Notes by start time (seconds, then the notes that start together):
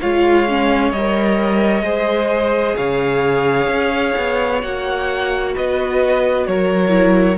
0.00 G#3 F4 C#5 F5
0.48 C#4
0.92 G3 D#5
0.98 A#4
1.82 G#3 G#4 C5
2.76 C#3 C#5 F5
3.67 C#4
4.17 B3
4.62 A#3 F#4 F#5
5.55 B3 B4 D#5
6.46 F#3 A#4 C#5
6.89 E4